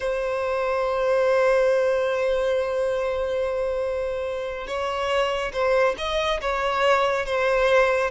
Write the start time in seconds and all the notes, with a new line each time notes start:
0.00 C5
4.67 C#5
5.52 C5
5.97 D#5
6.41 C#5
7.25 C5